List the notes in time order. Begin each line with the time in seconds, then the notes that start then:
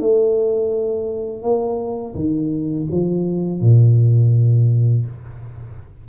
0.00 A3
1.42 A#3
2.15 D#3
2.91 F3
3.61 A#2